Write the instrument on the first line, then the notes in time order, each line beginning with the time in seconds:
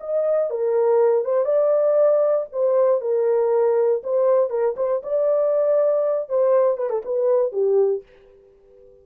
horn
0.00 D#5
0.50 A#4
1.24 C5
1.45 D5
2.52 C5
3.01 A#4
4.03 C5
4.49 A#4
4.76 C5
5.03 D5
6.29 C5
6.77 B4
6.89 A4
7.05 B4
7.51 G4